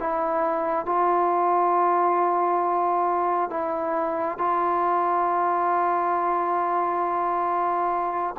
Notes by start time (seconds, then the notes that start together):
0.00 E4
0.86 F4
3.51 E4
4.38 F4